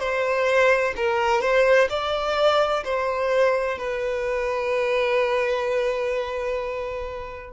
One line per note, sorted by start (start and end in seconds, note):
0.00 0.94 C5
0.97 1.41 A#4
1.41 1.88 C5
1.90 2.84 D5
2.85 3.78 C5
3.78 7.53 B4